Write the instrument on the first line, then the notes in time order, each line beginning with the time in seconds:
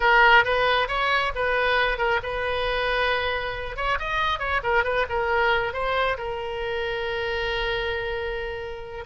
oboe
0.00 A#4
0.44 B4
0.88 C#5
1.35 B4
1.98 A#4
2.22 B4
3.76 C#5
3.99 D#5
4.39 C#5
4.63 A#4
4.83 B4
5.09 A#4
5.73 C5
6.17 A#4